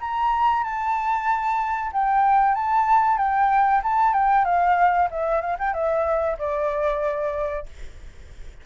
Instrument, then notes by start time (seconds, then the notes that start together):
flute
0.00 A#5
0.63 A5
1.92 G5
2.55 A5
3.17 G5
3.83 A5
4.13 G5
4.45 F5
5.11 E5
5.41 F5
5.59 G5
5.73 E5
6.38 D5